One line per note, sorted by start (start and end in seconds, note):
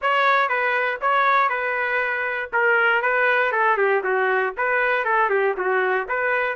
0.01 0.48 C#5
0.48 0.99 B4
1.01 1.49 C#5
1.49 2.50 B4
2.52 3.02 A#4
3.02 3.52 B4
3.52 3.77 A4
3.77 4.02 G4
4.03 4.54 F#4
4.57 5.04 B4
5.04 5.29 A4
5.29 5.54 G4
5.57 6.07 F#4
6.08 6.55 B4